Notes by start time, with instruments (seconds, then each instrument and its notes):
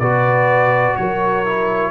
0.00 tuba B2, trombone F#4, horn B4, trumpet D5
0.96 tuba F#3, horn A#4, trumpet C#5
1.46 trombone E4